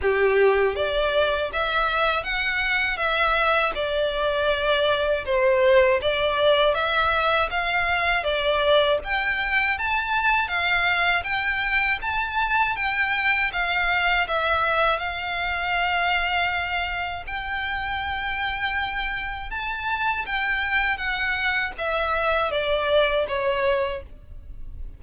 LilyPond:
\new Staff \with { instrumentName = "violin" } { \time 4/4 \tempo 4 = 80 g'4 d''4 e''4 fis''4 | e''4 d''2 c''4 | d''4 e''4 f''4 d''4 | g''4 a''4 f''4 g''4 |
a''4 g''4 f''4 e''4 | f''2. g''4~ | g''2 a''4 g''4 | fis''4 e''4 d''4 cis''4 | }